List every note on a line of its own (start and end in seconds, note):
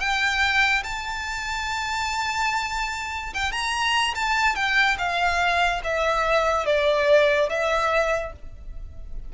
0.00 0.83 G5
0.84 3.34 A5
3.34 3.52 G5
3.52 4.15 A#5
4.16 4.56 A5
4.56 4.98 G5
4.98 5.82 F5
5.84 6.66 E5
6.66 7.50 D5
7.50 8.33 E5